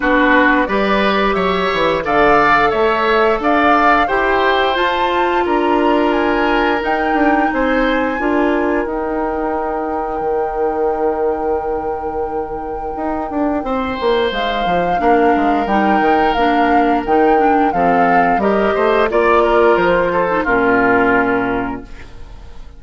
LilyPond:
<<
  \new Staff \with { instrumentName = "flute" } { \time 4/4 \tempo 4 = 88 b'4 d''4 e''4 f''4 | e''4 f''4 g''4 a''4 | ais''4 gis''4 g''4 gis''4~ | gis''4 g''2.~ |
g''1~ | g''4 f''2 g''4 | f''4 g''4 f''4 dis''4 | d''4 c''4 ais'2 | }
  \new Staff \with { instrumentName = "oboe" } { \time 4/4 fis'4 b'4 cis''4 d''4 | cis''4 d''4 c''2 | ais'2. c''4 | ais'1~ |
ais'1 | c''2 ais'2~ | ais'2 a'4 ais'8 c''8 | d''8 ais'4 a'8 f'2 | }
  \new Staff \with { instrumentName = "clarinet" } { \time 4/4 d'4 g'2 a'4~ | a'2 g'4 f'4~ | f'2 dis'2 | f'4 dis'2.~ |
dis'1~ | dis'2 d'4 dis'4 | d'4 dis'8 d'8 c'4 g'4 | f'4.~ f'16 dis'16 cis'2 | }
  \new Staff \with { instrumentName = "bassoon" } { \time 4/4 b4 g4 fis8 e8 d4 | a4 d'4 e'4 f'4 | d'2 dis'8 d'8 c'4 | d'4 dis'2 dis4~ |
dis2. dis'8 d'8 | c'8 ais8 gis8 f8 ais8 gis8 g8 dis8 | ais4 dis4 f4 g8 a8 | ais4 f4 ais,2 | }
>>